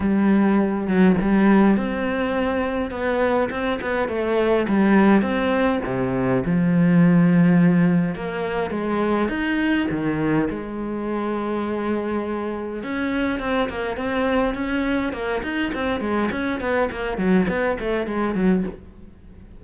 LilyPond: \new Staff \with { instrumentName = "cello" } { \time 4/4 \tempo 4 = 103 g4. fis8 g4 c'4~ | c'4 b4 c'8 b8 a4 | g4 c'4 c4 f4~ | f2 ais4 gis4 |
dis'4 dis4 gis2~ | gis2 cis'4 c'8 ais8 | c'4 cis'4 ais8 dis'8 c'8 gis8 | cis'8 b8 ais8 fis8 b8 a8 gis8 fis8 | }